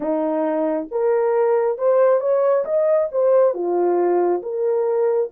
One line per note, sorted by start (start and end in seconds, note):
0.00 0.87 D#4
0.91 1.78 A#4
1.78 2.20 C5
2.20 2.64 C#5
2.64 3.08 D#5
3.11 3.53 C5
3.53 4.42 F4
4.42 5.30 A#4